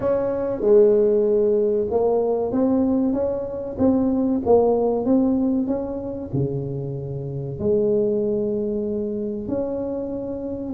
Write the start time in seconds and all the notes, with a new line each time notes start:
0.00 C#4
0.61 G#3
1.90 A#3
2.51 C4
3.13 C#4
3.78 C4
4.45 A#3
5.05 C4
5.67 C#4
6.33 C#3
7.59 G#3
9.48 C#4